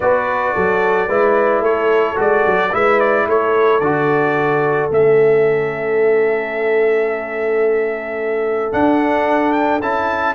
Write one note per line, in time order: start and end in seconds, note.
0.00 0.54 B3
0.00 1.09 F#4
0.00 0.54 B4
0.00 1.63 D5
0.54 1.08 F#3
0.54 1.08 A4
1.08 1.60 G#3
1.08 2.15 E4
1.08 1.61 B4
1.60 2.15 A3
1.60 2.70 A4
1.60 2.18 C#5
2.15 2.45 G#3
2.15 2.70 F#4
2.15 2.74 D5
2.46 2.73 F#3
2.71 3.27 G#3
2.71 3.81 E4
2.71 3.25 B4
2.71 2.99 E5
2.99 3.27 D5
3.27 3.80 A3
3.27 10.35 A4
3.27 3.80 C#5
3.80 4.89 D3
3.80 4.90 F#4
3.80 4.89 D5
4.90 8.72 A3
4.90 8.72 C#4
4.90 8.72 E5
8.72 9.81 D4
8.72 9.52 F#5
9.52 9.79 G5
9.81 10.35 C#4
9.81 10.35 E4
9.81 10.35 A5